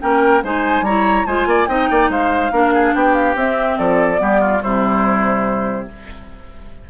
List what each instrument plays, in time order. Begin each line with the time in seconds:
0.00 bassoon A#3, clarinet C#4, oboe A#4, flute G5
0.43 bassoon G#3, clarinet D#4, oboe C5, flute G#5
0.81 bassoon G3, clarinet E4, oboe C#5, flute A#5
1.25 bassoon G#3, clarinet F4, oboe C5, flute G#5
1.46 bassoon A#3, oboe D5
1.67 bassoon C4, clarinet D#4, oboe D#5, flute G5
1.90 bassoon A#3, oboe D5
2.09 bassoon G#3, oboe C5, flute F5
2.51 bassoon A#3, clarinet D4, oboe A#4
2.73 oboe G#4
2.94 bassoon B3, oboe G4, flute G5
3.14 flute F5
3.35 bassoon C4, clarinet C4, flute E5
3.78 bassoon F3, oboe A4, flute D5
4.16 bassoon G3, clarinet B3, oboe G4
4.40 oboe F4
4.61 bassoon C3, clarinet G3, oboe E4, flute C5